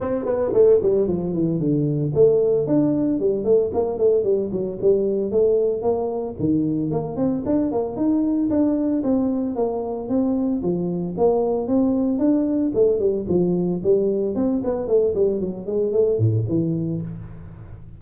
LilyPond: \new Staff \with { instrumentName = "tuba" } { \time 4/4 \tempo 4 = 113 c'8 b8 a8 g8 f8 e8 d4 | a4 d'4 g8 a8 ais8 a8 | g8 fis8 g4 a4 ais4 | dis4 ais8 c'8 d'8 ais8 dis'4 |
d'4 c'4 ais4 c'4 | f4 ais4 c'4 d'4 | a8 g8 f4 g4 c'8 b8 | a8 g8 fis8 gis8 a8 a,8 e4 | }